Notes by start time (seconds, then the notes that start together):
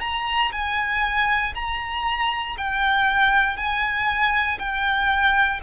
0.00 A#5
0.52 G#5
1.54 A#5
2.57 G5
3.57 G#5
4.59 G5